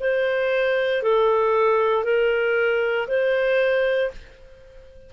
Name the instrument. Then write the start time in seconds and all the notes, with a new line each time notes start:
clarinet
0.00 C5
1.03 A4
2.04 A#4
3.08 C5